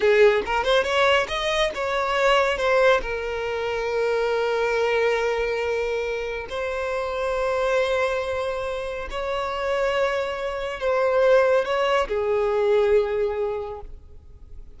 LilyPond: \new Staff \with { instrumentName = "violin" } { \time 4/4 \tempo 4 = 139 gis'4 ais'8 c''8 cis''4 dis''4 | cis''2 c''4 ais'4~ | ais'1~ | ais'2. c''4~ |
c''1~ | c''4 cis''2.~ | cis''4 c''2 cis''4 | gis'1 | }